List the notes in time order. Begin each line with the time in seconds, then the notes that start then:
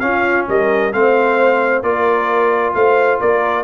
0.00 C#4 F4 F5
0.49 G3 A#4 D#5
0.93 A3 C4 C5 F5
1.83 A#3 F4 A#4 D5
2.74 A3 C5 F5
3.20 A#3 A#4 D5